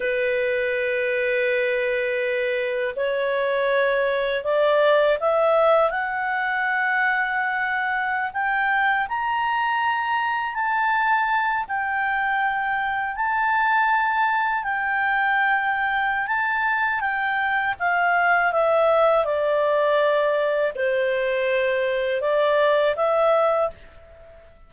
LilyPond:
\new Staff \with { instrumentName = "clarinet" } { \time 4/4 \tempo 4 = 81 b'1 | cis''2 d''4 e''4 | fis''2.~ fis''16 g''8.~ | g''16 ais''2 a''4. g''16~ |
g''4.~ g''16 a''2 g''16~ | g''2 a''4 g''4 | f''4 e''4 d''2 | c''2 d''4 e''4 | }